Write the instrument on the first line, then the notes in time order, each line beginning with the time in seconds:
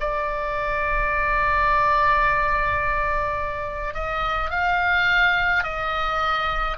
oboe
0.00 D5
3.94 D#5
4.50 F5
5.63 D#5